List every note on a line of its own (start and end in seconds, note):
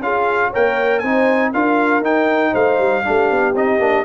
0.00 0.50 C#4
0.00 0.54 F4
0.00 0.50 G#4
0.00 0.52 F5
0.50 1.03 A#3
0.50 1.04 A#4
0.50 1.01 C#5
0.50 0.99 G5
0.99 1.54 C4
0.99 1.54 D#4
0.99 1.52 C5
0.99 1.50 G#5
1.53 2.01 D4
1.53 2.03 F4
1.53 2.52 A#4
1.53 2.04 F5
2.01 2.52 D#4
2.01 3.04 D#4
2.01 2.54 G5
2.52 2.79 A3
2.52 3.03 C5
2.52 3.55 F5
2.79 3.04 G3
3.04 3.30 A3
3.04 3.54 D4
3.04 4.05 G4
3.30 3.54 B3
3.54 3.79 C4
3.54 3.80 D#4
3.54 4.05 D#5
3.79 4.04 A#3
3.79 4.05 D4